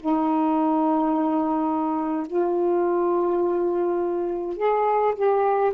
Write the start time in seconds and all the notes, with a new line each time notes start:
0.00 D#4
2.27 F4
4.57 G#4
5.16 G4